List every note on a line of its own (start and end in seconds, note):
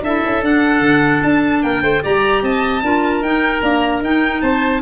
0.00 0.20 D4
0.00 0.42 E4
0.00 1.64 A4
0.00 0.44 E5
0.25 0.42 C#4
0.42 0.80 D4
0.42 2.01 D4
0.42 1.22 F#5
0.80 1.20 D3
1.22 1.63 D4
1.22 1.62 A5
1.62 1.82 A#3
1.62 1.82 A#4
1.62 2.02 G5
1.82 2.02 A3
1.82 2.02 C5
2.01 2.42 G3
2.01 2.81 G4
2.01 2.43 D5
2.01 2.44 A#5
2.42 2.82 C4
2.42 2.83 D#5
2.42 3.22 A5
2.82 3.21 D4
2.82 3.24 F4
2.82 4.42 A#4
3.21 3.61 D#4
3.21 3.61 G5
3.61 4.01 A#3
3.61 4.00 D4
3.61 4.01 A#5
4.00 4.40 D#4
4.00 4.82 D#4
4.00 4.41 G5
4.41 4.82 C4
4.41 4.82 C5
4.41 4.81 A5